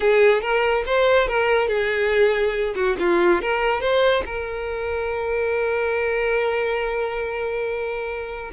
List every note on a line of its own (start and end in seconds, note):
0.00 0.41 G#4
0.41 0.84 A#4
0.86 1.27 C5
1.27 1.68 A#4
1.68 2.74 G#4
2.75 2.96 F#4
2.99 3.41 F4
3.41 3.80 A#4
3.80 4.23 C5
4.25 8.51 A#4